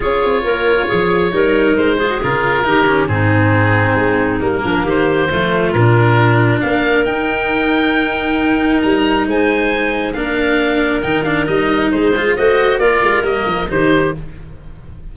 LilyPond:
<<
  \new Staff \with { instrumentName = "oboe" } { \time 4/4 \tempo 4 = 136 cis''1 | c''4 ais'2 gis'4~ | gis'2 ais'4 c''4~ | c''4 ais'2 f''4 |
g''1 | ais''4 gis''2 f''4~ | f''4 g''8 f''8 dis''4 c''4 | dis''4 d''4 dis''4 c''4 | }
  \new Staff \with { instrumentName = "clarinet" } { \time 4/4 gis'4 ais'4 gis'4 ais'4~ | ais'8 gis'4. g'4 dis'4~ | dis'2~ dis'8 d'8 g'4 | f'2. ais'4~ |
ais'1~ | ais'4 c''2 ais'4~ | ais'2. gis'4 | c''4 ais'2 g'4 | }
  \new Staff \with { instrumentName = "cello" } { \time 4/4 f'2. dis'4~ | dis'8 f'16 fis'16 f'4 dis'8 cis'8 c'4~ | c'2 ais2 | a4 d'2. |
dis'1~ | dis'2. d'4~ | d'4 dis'8 d'8 dis'4. f'8 | fis'4 f'4 ais4 dis'4 | }
  \new Staff \with { instrumentName = "tuba" } { \time 4/4 cis'8 c'8 ais4 f4 g4 | gis4 cis4 dis4 gis,4~ | gis,4 gis4 g8 f8 dis4 | f4 ais,2 ais4 |
dis'1 | g4 gis2 ais4~ | ais4 dis4 g4 gis4 | a4 ais8 gis8 g8 f8 dis4 | }
>>